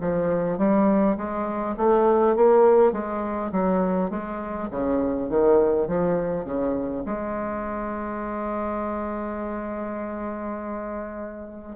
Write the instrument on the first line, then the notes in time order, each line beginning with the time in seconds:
bassoon
0.00 F3
0.58 G3
1.17 G#3
1.76 A3
2.35 A#3
2.92 G#3
3.52 F#3
4.10 G#3
4.70 C#3
5.29 D#3
5.87 F3
6.44 C#3
7.05 G#3